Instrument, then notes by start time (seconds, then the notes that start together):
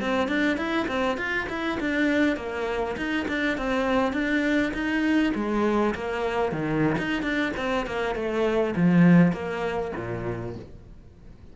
cello
0.00 C4
0.28 D4
0.57 E4
0.87 C4
1.17 F4
1.49 E4
1.80 D4
2.36 A#3
2.96 D#4
3.28 D4
3.58 C4
4.13 D4
4.73 D#4
5.35 G#3
5.94 A#3
6.52 D#3
6.98 D#4
7.22 D4
7.57 C4
7.86 A#3
8.15 A3
8.76 F3
9.32 A#3
9.96 A#2